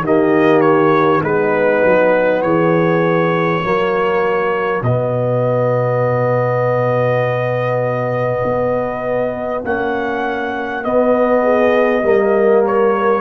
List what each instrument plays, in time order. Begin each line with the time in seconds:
0.00 tuba D#3, trombone A#3, horn G4, trumpet D#5
0.60 trumpet C#5
1.22 tuba G#3, trombone B3, horn D#4, trumpet B4
1.83 tuba F#3
2.41 tuba E3, horn G#4, trumpet C#5
3.63 tuba F#3, trombone A#3, horn F#4
4.81 tuba B2, trombone B3, trumpet D#5
8.44 tuba B3
9.65 tuba A#3, trombone C#4, trumpet F#5
10.84 trombone B3, tuba B3, trumpet D#5
11.42 horn G#4
12.02 tuba G3, trombone A#3, horn A#4
12.66 trumpet C#5